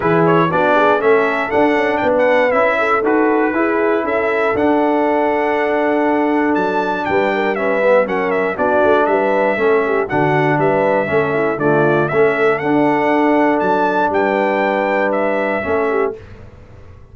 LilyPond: <<
  \new Staff \with { instrumentName = "trumpet" } { \time 4/4 \tempo 4 = 119 b'8 cis''8 d''4 e''4 fis''4 | g''16 fis''8. e''4 b'2 | e''4 fis''2.~ | fis''4 a''4 g''4 e''4 |
fis''8 e''8 d''4 e''2 | fis''4 e''2 d''4 | e''4 fis''2 a''4 | g''2 e''2 | }
  \new Staff \with { instrumentName = "horn" } { \time 4/4 gis'4 fis'8 gis'8 a'2 | b'4. a'4. gis'4 | a'1~ | a'2 b'8 ais'8 b'4 |
ais'4 fis'4 b'4 a'8 g'8 | fis'4 b'4 a'8 e'8 f'4 | a'1 | b'2. a'8 g'8 | }
  \new Staff \with { instrumentName = "trombone" } { \time 4/4 e'4 d'4 cis'4 d'4~ | d'4 e'4 fis'4 e'4~ | e'4 d'2.~ | d'2. cis'8 b8 |
cis'4 d'2 cis'4 | d'2 cis'4 a4 | cis'4 d'2.~ | d'2. cis'4 | }
  \new Staff \with { instrumentName = "tuba" } { \time 4/4 e4 b4 a4 d'8 cis'8 | b4 cis'4 dis'4 e'4 | cis'4 d'2.~ | d'4 fis4 g2 |
fis4 b8 a8 g4 a4 | d4 g4 a4 d4 | a4 d'2 fis4 | g2. a4 | }
>>